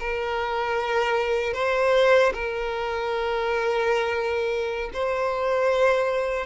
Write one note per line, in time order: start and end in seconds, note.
0.00 1.54 A#4
1.54 2.33 C5
2.34 4.91 A#4
4.94 6.47 C5